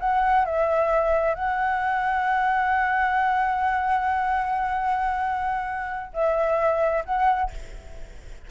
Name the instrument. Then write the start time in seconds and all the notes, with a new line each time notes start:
flute
0.00 F#5
0.45 E5
1.35 F#5
6.13 E5
7.05 F#5